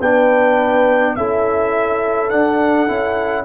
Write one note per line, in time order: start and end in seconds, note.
0.00 1.16 B3
0.00 1.18 D4
0.00 1.15 B4
0.00 1.16 G5
1.16 2.31 C#4
1.16 2.30 E4
1.16 3.45 A4
1.16 2.30 E5
2.30 2.87 D4
2.30 2.89 D4
2.30 3.45 F#5
2.87 3.45 C#4
2.87 3.45 E4